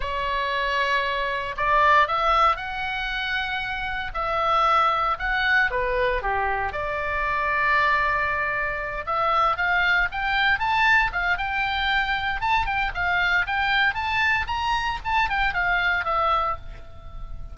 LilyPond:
\new Staff \with { instrumentName = "oboe" } { \time 4/4 \tempo 4 = 116 cis''2. d''4 | e''4 fis''2. | e''2 fis''4 b'4 | g'4 d''2.~ |
d''4. e''4 f''4 g''8~ | g''8 a''4 f''8 g''2 | a''8 g''8 f''4 g''4 a''4 | ais''4 a''8 g''8 f''4 e''4 | }